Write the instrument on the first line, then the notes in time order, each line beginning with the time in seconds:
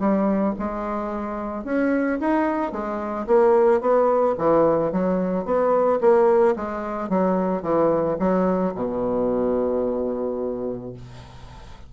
bassoon
0.00 G3
0.59 G#3
1.65 C#4
2.21 D#4
2.72 G#3
3.28 A#3
3.81 B3
4.39 E3
4.93 F#3
5.46 B3
6.01 A#3
6.57 G#3
7.10 F#3
7.63 E3
8.20 F#3
8.75 B2